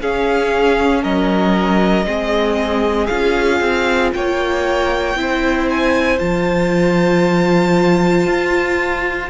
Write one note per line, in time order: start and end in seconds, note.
0.00 2.06 C#4
0.00 1.04 C#4
0.00 1.02 G#4
0.00 1.03 F5
1.02 2.05 F#3
1.02 2.06 A#4
1.02 3.06 D#5
2.05 3.08 G#3
2.05 3.09 C4
2.05 4.14 G#4
3.06 3.60 C#4
3.06 5.16 F4
3.06 4.10 F5
3.60 4.12 C4
4.13 5.15 A#3
4.13 5.19 C#5
4.13 5.69 G5
5.15 6.18 C4
5.15 6.19 E4
5.15 9.30 C5
5.70 6.18 G#5
6.18 8.27 F3
6.18 9.29 F4
6.18 9.29 A5
8.27 9.30 F4